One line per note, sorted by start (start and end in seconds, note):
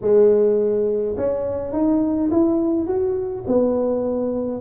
0.01 1.16 G#3
1.16 1.72 C#4
1.72 2.29 D#4
2.31 2.87 E4
2.87 3.44 F#4
3.47 4.60 B3